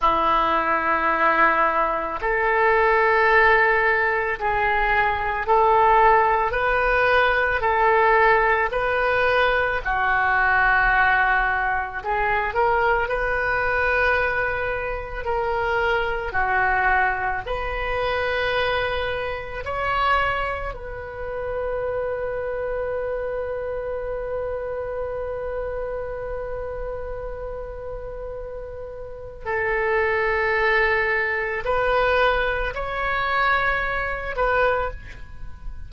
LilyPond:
\new Staff \with { instrumentName = "oboe" } { \time 4/4 \tempo 4 = 55 e'2 a'2 | gis'4 a'4 b'4 a'4 | b'4 fis'2 gis'8 ais'8 | b'2 ais'4 fis'4 |
b'2 cis''4 b'4~ | b'1~ | b'2. a'4~ | a'4 b'4 cis''4. b'8 | }